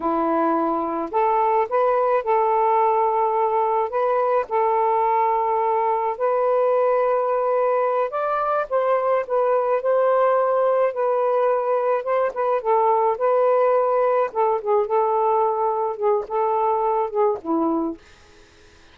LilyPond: \new Staff \with { instrumentName = "saxophone" } { \time 4/4 \tempo 4 = 107 e'2 a'4 b'4 | a'2. b'4 | a'2. b'4~ | b'2~ b'8 d''4 c''8~ |
c''8 b'4 c''2 b'8~ | b'4. c''8 b'8 a'4 b'8~ | b'4. a'8 gis'8 a'4.~ | a'8 gis'8 a'4. gis'8 e'4 | }